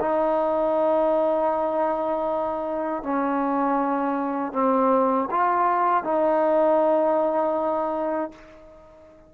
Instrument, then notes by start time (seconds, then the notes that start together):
trombone
0.00 D#4
3.03 C#4
4.52 C4
5.30 F4
6.03 D#4